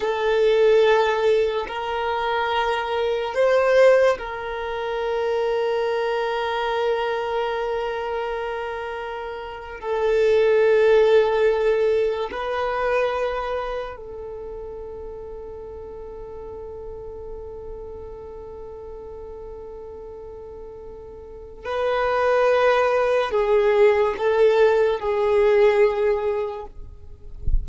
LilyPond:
\new Staff \with { instrumentName = "violin" } { \time 4/4 \tempo 4 = 72 a'2 ais'2 | c''4 ais'2.~ | ais'2.~ ais'8. a'16~ | a'2~ a'8. b'4~ b'16~ |
b'8. a'2.~ a'16~ | a'1~ | a'2 b'2 | gis'4 a'4 gis'2 | }